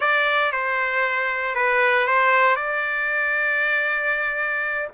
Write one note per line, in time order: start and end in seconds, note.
0.00 0.51 D5
0.51 1.55 C5
1.55 2.07 B4
2.07 2.56 C5
2.56 4.88 D5